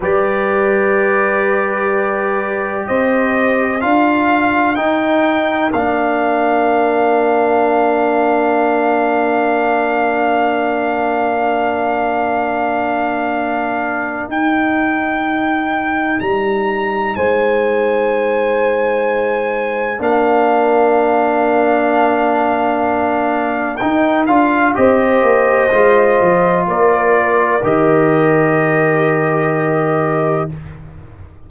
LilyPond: <<
  \new Staff \with { instrumentName = "trumpet" } { \time 4/4 \tempo 4 = 63 d''2. dis''4 | f''4 g''4 f''2~ | f''1~ | f''2. g''4~ |
g''4 ais''4 gis''2~ | gis''4 f''2.~ | f''4 g''8 f''8 dis''2 | d''4 dis''2. | }
  \new Staff \with { instrumentName = "horn" } { \time 4/4 b'2. c''4 | ais'1~ | ais'1~ | ais'1~ |
ais'2 c''2~ | c''4 ais'2.~ | ais'2 c''2 | ais'1 | }
  \new Staff \with { instrumentName = "trombone" } { \time 4/4 g'1 | f'4 dis'4 d'2~ | d'1~ | d'2. dis'4~ |
dis'1~ | dis'4 d'2.~ | d'4 dis'8 f'8 g'4 f'4~ | f'4 g'2. | }
  \new Staff \with { instrumentName = "tuba" } { \time 4/4 g2. c'4 | d'4 dis'4 ais2~ | ais1~ | ais2. dis'4~ |
dis'4 g4 gis2~ | gis4 ais2.~ | ais4 dis'8 d'8 c'8 ais8 gis8 f8 | ais4 dis2. | }
>>